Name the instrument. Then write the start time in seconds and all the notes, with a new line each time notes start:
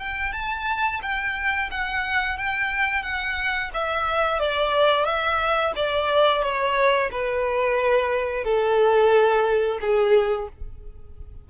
violin
0.00 G5
0.33 A5
1.03 G5
1.71 F#5
2.38 G5
3.03 F#5
3.74 E5
4.40 D5
5.05 E5
5.76 D5
6.43 C#5
7.12 B4
8.45 A4
9.82 G#4